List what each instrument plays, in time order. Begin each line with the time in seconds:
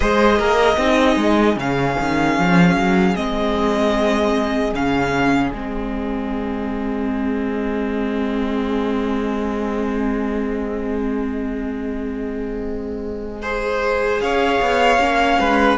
0.00 cello G#3, viola G#4, violin C5 D#5
0.38 cello A#3, violin A#4
0.77 cello C4, viola D#4, violin G#4
1.16 cello G#3
1.56 cello C#3, viola C#4, violin F5
1.99 cello D#3
2.38 cello F3
2.75 cello F#3
3.15 cello G#3, viola C4, violin D#5
4.73 cello C#3, viola C#4, violin F5
5.50 cello G#3, viola C4, violin D#5
13.41 viola G#4, violin C5
14.21 cello C#4, violin C#5 F5
14.61 cello B3
14.99 cello A#3, viola C#4
15.39 cello G#3, violin B4